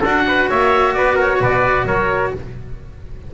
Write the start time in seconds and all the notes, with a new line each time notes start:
0.00 D4 F#4 A4 F#5
0.27 B4
0.49 A#3 C#5 E5
0.94 B3 B4 D5
1.15 A#4 C#5
1.41 B2 B4 D5
1.85 F#3 A#4 C#5